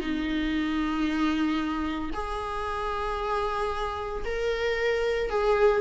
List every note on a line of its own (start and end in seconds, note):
0.00 2.11 D#4
2.13 4.23 G#4
4.25 5.29 A#4
5.29 5.81 G#4